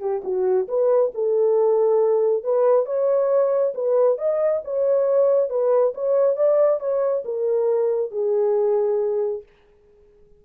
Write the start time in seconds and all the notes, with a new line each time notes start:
0.00 G4
0.24 F#4
0.68 B4
1.14 A4
2.43 B4
2.85 C#5
3.74 B4
4.18 D#5
4.64 C#5
5.50 B4
5.94 C#5
6.36 D5
6.80 C#5
7.25 A#4
8.11 G#4